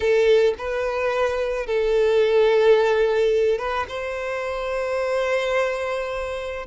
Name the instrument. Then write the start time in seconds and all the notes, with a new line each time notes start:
violin
0.00 A4
0.58 B4
1.66 A4
3.58 B4
3.88 C5